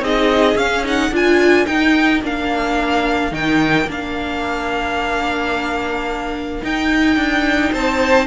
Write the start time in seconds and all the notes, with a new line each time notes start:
0.00 C4 D#4 G#4 D#5
0.56 C#4 F5
0.84 D#4 F#5
1.11 D4 F4 A#4 G#5
1.66 D#4 G5
2.23 A#3 D4 F5
3.31 D#3 D#4 G5
3.86 A#3 D4 F5
6.63 D#4 G5
7.16 D4
7.72 C4 C5 A5